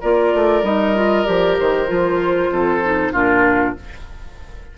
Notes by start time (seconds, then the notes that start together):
0.00 A#3 F4 A#4 D5
0.34 A3
0.62 G3 D#4 D#5
0.95 F4
1.25 F3 G4 D5
1.59 D#3 C5
1.87 F3 F4
2.50 F2 A4
2.83 D#4
3.12 A#2 D4 F4 A#4